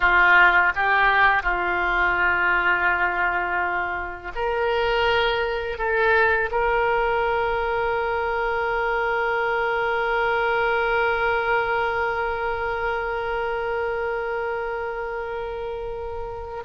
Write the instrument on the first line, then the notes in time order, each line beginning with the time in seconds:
oboe
0.00 F4
0.75 G4
1.43 F4
4.35 A#4
5.77 A4
6.51 A#4